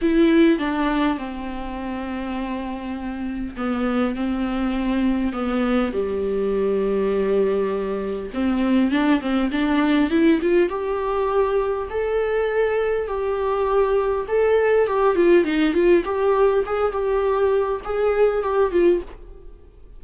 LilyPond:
\new Staff \with { instrumentName = "viola" } { \time 4/4 \tempo 4 = 101 e'4 d'4 c'2~ | c'2 b4 c'4~ | c'4 b4 g2~ | g2 c'4 d'8 c'8 |
d'4 e'8 f'8 g'2 | a'2 g'2 | a'4 g'8 f'8 dis'8 f'8 g'4 | gis'8 g'4. gis'4 g'8 f'8 | }